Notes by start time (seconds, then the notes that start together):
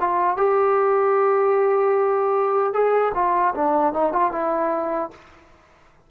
0.00 F4
0.37 G4
2.73 G#4
3.15 F4
3.55 D4
3.93 D#4
4.13 F4
4.32 E4